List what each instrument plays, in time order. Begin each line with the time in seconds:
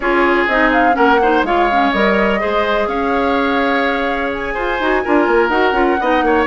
0.00 bassoon C#4, clarinet F4, oboe G#4, flute C#5
0.47 bassoon C4, clarinet D#4, flute D#5
0.72 flute F5
0.92 bassoon A#3, clarinet C#4, oboe A#4, flute F#5
1.22 clarinet D#4, oboe C5
1.43 bassoon G#3, clarinet F4, oboe C#5, flute F5
1.71 clarinet C#4
1.91 bassoon G3, clarinet A#4, flute D#5
2.39 bassoon G#3, clarinet G#4, oboe C5
2.87 bassoon C#4, oboe C#5, flute F5
4.32 flute G#5
4.54 bassoon F4, oboe C5
4.79 bassoon D#4, clarinet F#4
5.04 bassoon D4, clarinet F4, oboe A#4
5.27 bassoon A#3
5.48 bassoon D#4, clarinet F#4, flute F#5
5.72 bassoon C#4, clarinet F4
6.00 bassoon B3, clarinet D#4, oboe D#5
6.22 bassoon A#3, oboe C#5